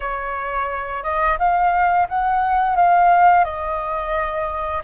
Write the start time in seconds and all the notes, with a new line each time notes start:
0.00 C#5
1.03 D#5
1.38 F5
2.08 F#5
2.76 F5
3.44 D#5